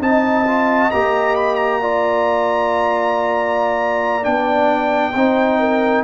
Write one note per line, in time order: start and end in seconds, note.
0.00 0.90 C4
0.00 0.45 D#4
0.00 1.80 D#5
0.00 0.91 A5
0.46 0.91 F4
0.91 4.26 A#3
0.91 1.82 G4
0.91 1.35 A#5
1.35 1.55 B5
1.55 4.24 A#5
1.81 4.23 F4
1.81 5.16 D5
4.23 5.14 B3
4.23 5.12 D4
4.23 6.03 G5
5.14 6.04 C4
5.14 6.04 D#4
5.14 5.60 C5
5.60 6.04 A#4